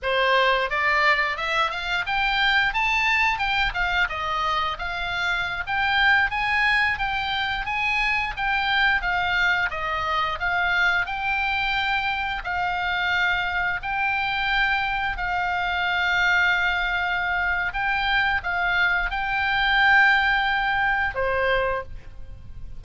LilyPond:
\new Staff \with { instrumentName = "oboe" } { \time 4/4 \tempo 4 = 88 c''4 d''4 e''8 f''8 g''4 | a''4 g''8 f''8 dis''4 f''4~ | f''16 g''4 gis''4 g''4 gis''8.~ | gis''16 g''4 f''4 dis''4 f''8.~ |
f''16 g''2 f''4.~ f''16~ | f''16 g''2 f''4.~ f''16~ | f''2 g''4 f''4 | g''2. c''4 | }